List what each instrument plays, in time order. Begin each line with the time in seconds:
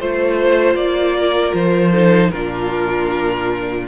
0.00 cello A3, viola F4, violin C5
0.75 cello A#3, violin D5
1.18 violin A#4
1.54 cello F3, violin C5
1.92 viola D#4, violin A4
2.31 cello A#2, viola D4, violin F4 A#4